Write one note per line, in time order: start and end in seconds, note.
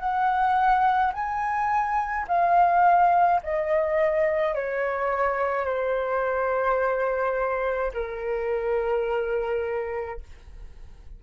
0.00 1.13 F#5
1.13 2.26 G#5
2.28 3.41 F5
3.44 4.55 D#5
4.55 5.66 C#5
5.66 7.92 C5
7.94 10.20 A#4